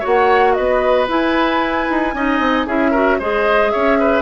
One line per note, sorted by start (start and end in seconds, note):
0.00 0.58 A#3
0.00 1.07 F#4
0.00 0.53 C#5
0.00 0.53 F#5
0.53 1.08 B3
0.53 2.15 B4
0.53 1.06 D#5
1.08 2.13 E4
1.08 1.87 E4
1.08 2.67 G#5
1.90 2.14 D#4
2.14 2.39 C#4
2.14 2.67 D#4
2.14 2.66 D#5
2.39 2.66 C4
2.66 3.19 C#4
2.66 2.93 E4
2.66 2.91 G#4
2.66 3.20 E5
2.91 3.20 F#4
2.91 3.17 A#4
3.19 3.73 G#3
3.19 4.21 G#4
3.19 3.72 C5
3.19 3.70 D#5
3.70 4.21 C#4
3.70 3.98 C#5
3.70 4.21 E5
4.00 4.21 B4